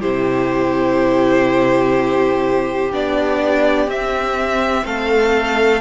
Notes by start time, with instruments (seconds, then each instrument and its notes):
0.00 cello C3, viola E4, violin G4 C5
2.92 cello B3, viola D4, violin D5
3.87 cello C4, viola C4, violin E5
4.85 cello A3, violin A4 F5